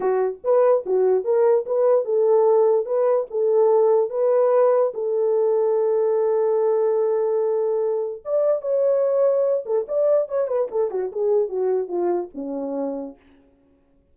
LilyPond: \new Staff \with { instrumentName = "horn" } { \time 4/4 \tempo 4 = 146 fis'4 b'4 fis'4 ais'4 | b'4 a'2 b'4 | a'2 b'2 | a'1~ |
a'1 | d''4 cis''2~ cis''8 a'8 | d''4 cis''8 b'8 a'8 fis'8 gis'4 | fis'4 f'4 cis'2 | }